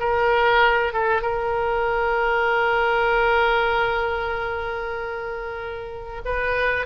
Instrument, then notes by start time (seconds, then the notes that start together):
oboe
0.00 A#4
0.93 A4
1.22 A#4
6.25 B4